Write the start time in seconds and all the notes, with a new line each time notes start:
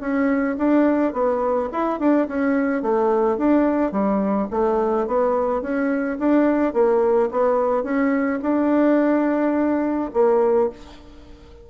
0.00 C#4
0.58 D4
1.13 B3
1.72 E4
1.99 D4
2.28 C#4
2.82 A3
3.37 D4
3.92 G3
4.51 A3
5.07 B3
5.62 C#4
6.19 D4
6.73 A#3
7.31 B3
7.83 C#4
8.42 D4
10.13 A#3